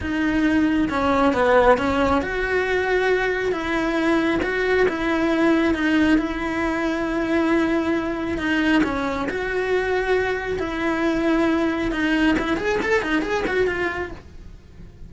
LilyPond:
\new Staff \with { instrumentName = "cello" } { \time 4/4 \tempo 4 = 136 dis'2 cis'4 b4 | cis'4 fis'2. | e'2 fis'4 e'4~ | e'4 dis'4 e'2~ |
e'2. dis'4 | cis'4 fis'2. | e'2. dis'4 | e'8 gis'8 a'8 dis'8 gis'8 fis'8 f'4 | }